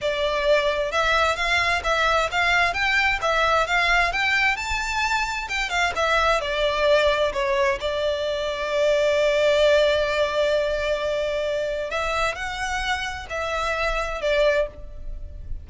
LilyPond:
\new Staff \with { instrumentName = "violin" } { \time 4/4 \tempo 4 = 131 d''2 e''4 f''4 | e''4 f''4 g''4 e''4 | f''4 g''4 a''2 | g''8 f''8 e''4 d''2 |
cis''4 d''2.~ | d''1~ | d''2 e''4 fis''4~ | fis''4 e''2 d''4 | }